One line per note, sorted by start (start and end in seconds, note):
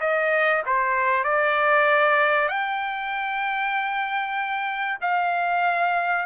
0.00 0.62 D#5
0.66 1.24 C5
1.24 2.48 D5
2.48 4.98 G5
5.01 6.26 F5